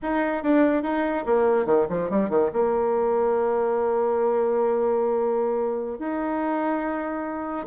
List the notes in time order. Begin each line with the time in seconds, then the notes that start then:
0.02 D#4
0.43 D4
0.83 D#4
1.25 A#3
1.65 D#3
1.89 F3
2.10 G3
2.29 D#3
2.53 A#3
5.98 D#4